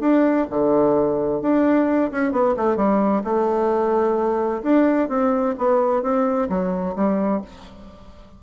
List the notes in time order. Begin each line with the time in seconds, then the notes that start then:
0.00 D4
0.50 D3
1.42 D4
2.11 C#4
2.32 B3
2.57 A3
2.76 G3
3.24 A3
4.63 D4
5.09 C4
5.58 B3
6.02 C4
6.49 F#3
6.95 G3